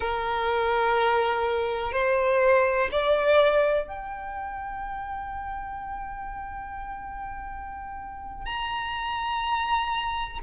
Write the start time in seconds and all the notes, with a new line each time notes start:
0.00 A#4
1.92 C5
2.91 D5
3.87 G5
8.45 A#5